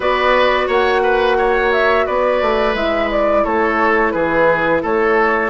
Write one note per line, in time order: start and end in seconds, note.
0.00 0.67 B3
0.00 2.74 F#4
0.00 0.67 B4
0.00 0.70 D5
0.67 2.06 A#3
0.67 1.01 C#5
0.67 1.72 F#5
1.02 1.36 B4
1.38 2.05 C#5
1.72 2.06 E5
2.05 2.41 B3
2.05 3.43 B4
2.05 2.75 D5
2.41 2.74 A3
2.74 3.43 G#3
2.74 5.49 E4
2.74 3.10 E5
3.10 3.44 D5
3.44 4.14 A3
3.44 4.12 A4
3.44 4.11 C#5
4.11 4.82 E3
4.11 4.82 G#4
4.11 4.80 B4
4.82 5.49 A3
4.82 5.49 A4
4.82 5.49 C#5